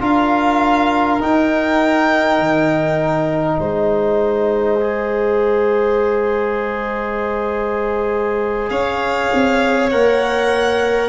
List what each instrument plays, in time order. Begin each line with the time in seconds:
0.00 tuba D4, trombone F4, violin A#4 F5
1.20 trombone D#4, tuba D#4, violin G5
2.39 tuba D#3
3.59 tuba G#3, violin C5 D#5
4.80 trombone G#4
8.69 tuba C#4, violin C#5 F5
9.34 tuba C4
9.90 tuba A#3, trombone A#4, violin F#5